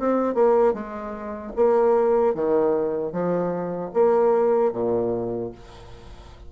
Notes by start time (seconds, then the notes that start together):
0.00 C4
0.35 A#3
0.74 G#3
1.56 A#3
2.35 D#3
3.13 F3
3.94 A#3
4.73 A#2